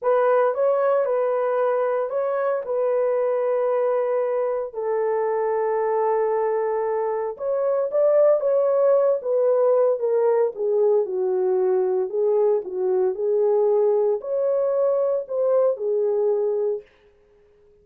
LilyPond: \new Staff \with { instrumentName = "horn" } { \time 4/4 \tempo 4 = 114 b'4 cis''4 b'2 | cis''4 b'2.~ | b'4 a'2.~ | a'2 cis''4 d''4 |
cis''4. b'4. ais'4 | gis'4 fis'2 gis'4 | fis'4 gis'2 cis''4~ | cis''4 c''4 gis'2 | }